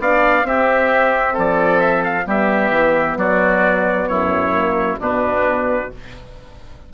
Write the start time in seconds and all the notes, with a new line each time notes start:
0.00 B3 D4 D5 F5
0.44 C4 G4 E5
1.34 F3 A4 D5
1.80 E5
2.05 F5
2.26 G3 B3 G4 E5
2.71 E3
3.17 F#3 F#4 D5
4.08 F#2 E4 C#5
4.53 A#3
5.00 B2 B3 D4 B4